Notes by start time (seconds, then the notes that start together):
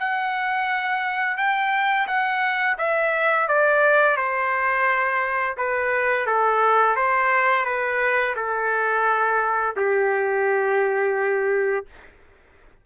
0.00 F#5
1.37 G5
2.07 F#5
2.78 E5
3.48 D5
4.17 C5
5.57 B4
6.26 A4
6.96 C5
7.65 B4
8.36 A4
9.76 G4